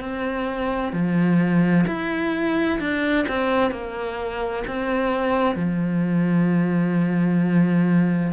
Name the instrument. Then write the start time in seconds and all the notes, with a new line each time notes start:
cello
0.00 C4
0.93 F3
1.87 E4
2.80 D4
3.28 C4
3.71 A#3
4.67 C4
5.56 F3